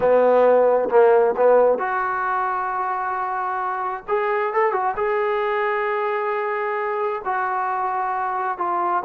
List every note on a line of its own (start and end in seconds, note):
0.00 0.89 B3
0.89 1.34 A#3
1.36 1.78 B3
1.78 4.04 F#4
4.08 4.53 G#4
4.53 4.72 A4
4.72 4.95 F#4
4.96 7.21 G#4
7.24 8.58 F#4
8.58 9.03 F4